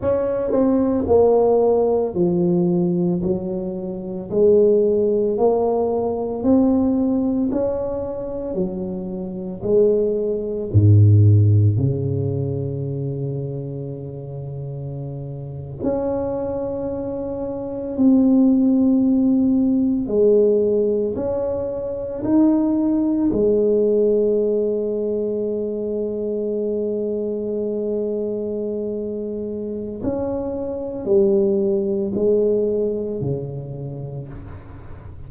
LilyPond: \new Staff \with { instrumentName = "tuba" } { \time 4/4 \tempo 4 = 56 cis'8 c'8 ais4 f4 fis4 | gis4 ais4 c'4 cis'4 | fis4 gis4 gis,4 cis4~ | cis2~ cis8. cis'4~ cis'16~ |
cis'8. c'2 gis4 cis'16~ | cis'8. dis'4 gis2~ gis16~ | gis1 | cis'4 g4 gis4 cis4 | }